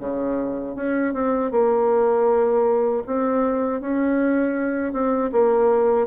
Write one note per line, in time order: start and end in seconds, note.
0.00 0.76 C#3
0.76 1.14 C#4
1.14 1.52 C4
1.52 3.03 A#3
3.07 3.81 C4
3.81 4.93 C#4
4.93 5.31 C4
5.32 6.08 A#3